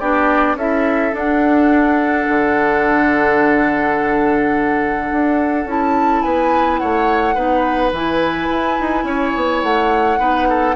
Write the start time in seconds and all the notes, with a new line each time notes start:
0.00 B3 D4 G4 D5
0.56 C#4 E4 A4 E5
1.13 D4 F#5
2.28 D3
5.12 D4
5.65 C#4 E4 A5
6.23 B3 B4 G#5
6.78 A3 C#5 F#5
7.35 B3 D#4 B4
7.92 E3 E4 G#5
8.51 E4
8.81 D#4
9.04 C#4 C#5
9.36 B3
9.63 A3 F#5
10.19 B3 D#4 B4
10.49 A4